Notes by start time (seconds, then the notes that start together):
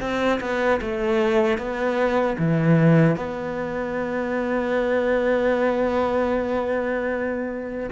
0.00 C4
0.40 B3
0.81 A3
1.58 B3
2.38 E3
3.15 B3